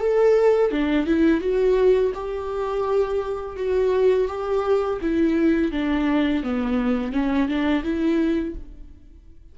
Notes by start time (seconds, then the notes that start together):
0.00 A4
0.71 D4
1.06 E4
1.41 F#4
2.14 G4
3.56 F#4
4.28 G4
5.01 E4
5.71 D4
6.43 B3
7.12 C#4
7.48 D4
7.83 E4